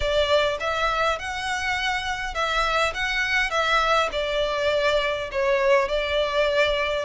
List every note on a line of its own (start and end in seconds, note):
0.00 0.57 D5
0.59 1.18 E5
1.18 2.34 F#5
2.34 2.93 E5
2.94 3.50 F#5
3.50 4.09 E5
4.12 5.29 D5
5.31 5.88 C#5
5.88 7.05 D5